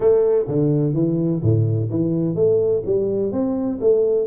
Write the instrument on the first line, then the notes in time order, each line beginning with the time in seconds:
tuba
0.00 A3
0.47 D3
0.93 E3
1.42 A2
1.90 E3
2.35 A3
2.85 G3
3.32 C4
3.80 A3